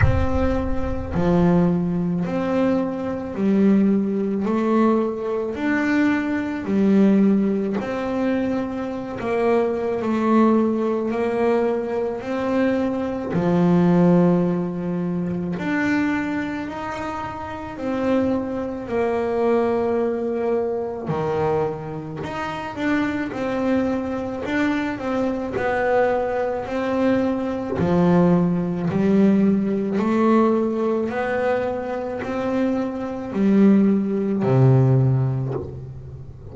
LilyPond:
\new Staff \with { instrumentName = "double bass" } { \time 4/4 \tempo 4 = 54 c'4 f4 c'4 g4 | a4 d'4 g4 c'4~ | c'16 ais8. a4 ais4 c'4 | f2 d'4 dis'4 |
c'4 ais2 dis4 | dis'8 d'8 c'4 d'8 c'8 b4 | c'4 f4 g4 a4 | b4 c'4 g4 c4 | }